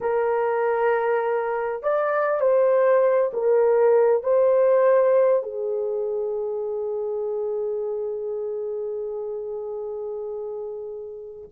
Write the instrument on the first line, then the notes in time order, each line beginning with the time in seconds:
horn
0.01 A#4
1.83 D5
2.40 C5
3.33 A#4
4.23 C5
5.42 G#4